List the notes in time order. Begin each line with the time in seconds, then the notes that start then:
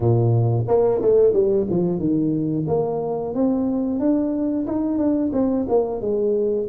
0.00 A#2
0.67 A#3
1.02 A3
1.33 G3
1.70 F3
1.98 D#3
2.67 A#3
3.34 C4
3.99 D4
4.66 D#4
4.98 D4
5.32 C4
5.68 A#3
6.01 G#3